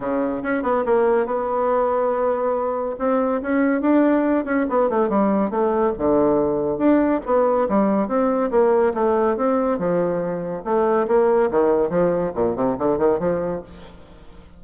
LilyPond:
\new Staff \with { instrumentName = "bassoon" } { \time 4/4 \tempo 4 = 141 cis4 cis'8 b8 ais4 b4~ | b2. c'4 | cis'4 d'4. cis'8 b8 a8 | g4 a4 d2 |
d'4 b4 g4 c'4 | ais4 a4 c'4 f4~ | f4 a4 ais4 dis4 | f4 ais,8 c8 d8 dis8 f4 | }